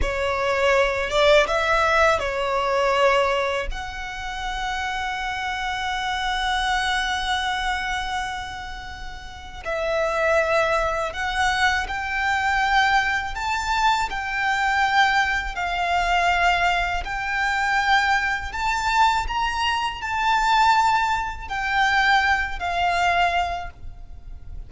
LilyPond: \new Staff \with { instrumentName = "violin" } { \time 4/4 \tempo 4 = 81 cis''4. d''8 e''4 cis''4~ | cis''4 fis''2.~ | fis''1~ | fis''4 e''2 fis''4 |
g''2 a''4 g''4~ | g''4 f''2 g''4~ | g''4 a''4 ais''4 a''4~ | a''4 g''4. f''4. | }